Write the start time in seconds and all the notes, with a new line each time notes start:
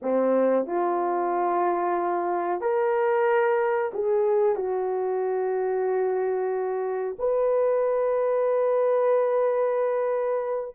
0.02 C4
0.66 F4
2.61 A#4
3.93 G#4
4.55 F#4
7.18 B4